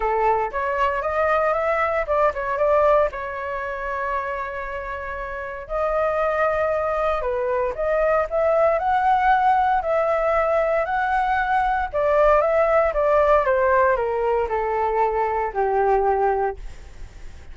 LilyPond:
\new Staff \with { instrumentName = "flute" } { \time 4/4 \tempo 4 = 116 a'4 cis''4 dis''4 e''4 | d''8 cis''8 d''4 cis''2~ | cis''2. dis''4~ | dis''2 b'4 dis''4 |
e''4 fis''2 e''4~ | e''4 fis''2 d''4 | e''4 d''4 c''4 ais'4 | a'2 g'2 | }